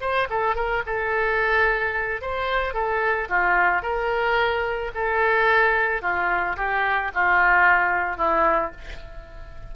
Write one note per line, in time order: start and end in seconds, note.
0.00 0.27 C5
0.29 0.55 A4
0.55 0.82 A#4
0.86 2.21 A4
2.21 2.73 C5
2.73 3.28 A4
3.29 3.82 F4
3.82 4.91 A#4
4.94 6.01 A4
6.01 6.56 F4
6.56 7.11 G4
7.14 8.17 F4
8.17 8.71 E4